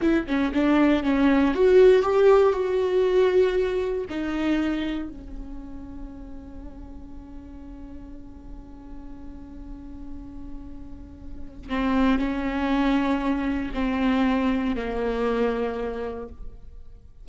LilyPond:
\new Staff \with { instrumentName = "viola" } { \time 4/4 \tempo 4 = 118 e'8 cis'8 d'4 cis'4 fis'4 | g'4 fis'2. | dis'2 cis'2~ | cis'1~ |
cis'1~ | cis'2. c'4 | cis'2. c'4~ | c'4 ais2. | }